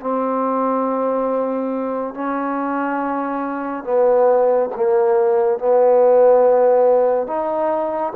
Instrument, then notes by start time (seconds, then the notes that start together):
trombone
0.00 C4
2.14 C#4
3.84 B3
4.76 A#3
5.58 B3
7.27 D#4